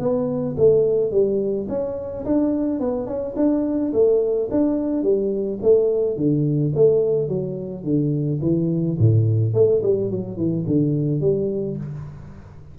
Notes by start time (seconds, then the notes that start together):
0.00 B3
0.57 A3
1.12 G3
1.69 C#4
2.26 D4
2.80 B3
3.07 C#4
3.37 D4
3.94 A3
4.52 D4
5.03 G3
5.63 A3
6.17 D3
6.75 A3
7.29 F#3
7.84 D3
8.42 E3
8.99 A2
9.55 A3
9.83 G3
10.11 F#3
10.37 E3
10.67 D3
11.21 G3